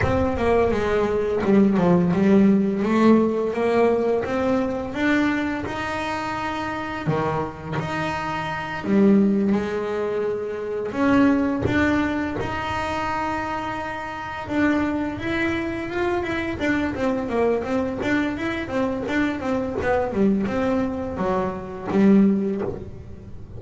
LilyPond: \new Staff \with { instrumentName = "double bass" } { \time 4/4 \tempo 4 = 85 c'8 ais8 gis4 g8 f8 g4 | a4 ais4 c'4 d'4 | dis'2 dis4 dis'4~ | dis'8 g4 gis2 cis'8~ |
cis'8 d'4 dis'2~ dis'8~ | dis'8 d'4 e'4 f'8 e'8 d'8 | c'8 ais8 c'8 d'8 e'8 c'8 d'8 c'8 | b8 g8 c'4 fis4 g4 | }